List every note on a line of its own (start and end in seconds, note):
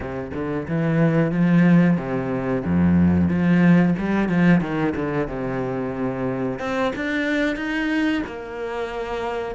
0.00 0.31 C3
0.34 0.67 D3
0.67 1.31 E3
1.31 1.97 F3
1.97 2.63 C3
2.64 3.28 F2
3.28 3.94 F3
3.98 4.29 G3
4.29 4.60 F3
4.60 4.93 D#3
4.95 5.27 D3
5.27 6.59 C3
6.59 6.92 C4
6.95 7.56 D4
7.56 8.22 D#4
8.26 9.55 A#3